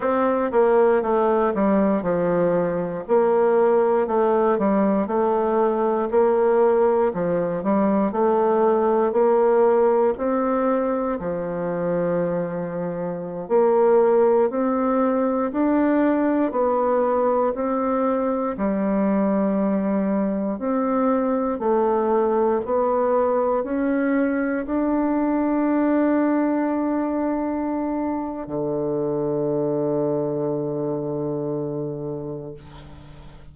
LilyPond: \new Staff \with { instrumentName = "bassoon" } { \time 4/4 \tempo 4 = 59 c'8 ais8 a8 g8 f4 ais4 | a8 g8 a4 ais4 f8 g8 | a4 ais4 c'4 f4~ | f4~ f16 ais4 c'4 d'8.~ |
d'16 b4 c'4 g4.~ g16~ | g16 c'4 a4 b4 cis'8.~ | cis'16 d'2.~ d'8. | d1 | }